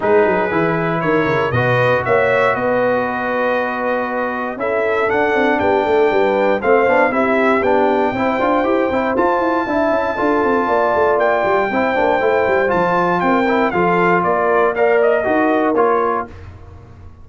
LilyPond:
<<
  \new Staff \with { instrumentName = "trumpet" } { \time 4/4 \tempo 4 = 118 b'2 cis''4 dis''4 | e''4 dis''2.~ | dis''4 e''4 fis''4 g''4~ | g''4 f''4 e''4 g''4~ |
g''2 a''2~ | a''2 g''2~ | g''4 a''4 g''4 f''4 | d''4 f''8 dis''4. cis''4 | }
  \new Staff \with { instrumentName = "horn" } { \time 4/4 gis'2 ais'4 b'4 | cis''4 b'2.~ | b'4 a'2 g'8 a'8 | b'4 c''4 g'2 |
c''2. e''4 | a'4 d''2 c''4~ | c''2 ais'4 a'4 | ais'4 d''4 ais'2 | }
  \new Staff \with { instrumentName = "trombone" } { \time 4/4 dis'4 e'2 fis'4~ | fis'1~ | fis'4 e'4 d'2~ | d'4 c'8 d'8 e'4 d'4 |
e'8 f'8 g'8 e'8 f'4 e'4 | f'2. e'8 d'8 | e'4 f'4. e'8 f'4~ | f'4 ais'4 fis'4 f'4 | }
  \new Staff \with { instrumentName = "tuba" } { \time 4/4 gis8 fis8 e4 dis8 cis8 b,4 | ais4 b2.~ | b4 cis'4 d'8 c'8 b8 a8 | g4 a8 b8 c'4 b4 |
c'8 d'8 e'8 c'8 f'8 e'8 d'8 cis'8 | d'8 c'8 ais8 a8 ais8 g8 c'8 ais8 | a8 g8 f4 c'4 f4 | ais2 dis'4 ais4 | }
>>